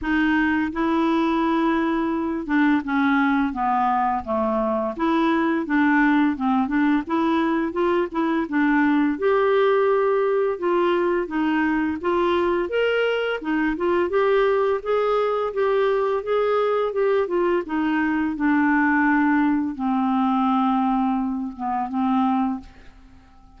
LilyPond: \new Staff \with { instrumentName = "clarinet" } { \time 4/4 \tempo 4 = 85 dis'4 e'2~ e'8 d'8 | cis'4 b4 a4 e'4 | d'4 c'8 d'8 e'4 f'8 e'8 | d'4 g'2 f'4 |
dis'4 f'4 ais'4 dis'8 f'8 | g'4 gis'4 g'4 gis'4 | g'8 f'8 dis'4 d'2 | c'2~ c'8 b8 c'4 | }